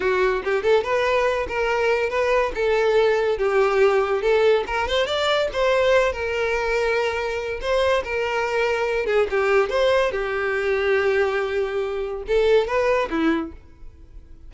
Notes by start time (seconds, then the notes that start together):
0.00 F#4
0.44 G4
0.62 A4
0.83 B4
1.48 A#4
2.09 B4
2.54 A4
3.37 G4
4.22 A4
4.67 A#4
4.87 C5
5.06 D5
5.52 C5
6.12 A#4
7.61 C5
8.04 A#4
9.06 G#4
9.30 G4
9.69 C5
10.11 G4
12.27 A4
12.67 B4
13.09 E4